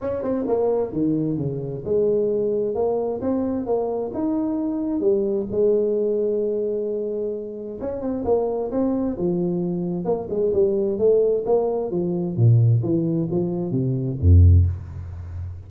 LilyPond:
\new Staff \with { instrumentName = "tuba" } { \time 4/4 \tempo 4 = 131 cis'8 c'8 ais4 dis4 cis4 | gis2 ais4 c'4 | ais4 dis'2 g4 | gis1~ |
gis4 cis'8 c'8 ais4 c'4 | f2 ais8 gis8 g4 | a4 ais4 f4 ais,4 | e4 f4 c4 f,4 | }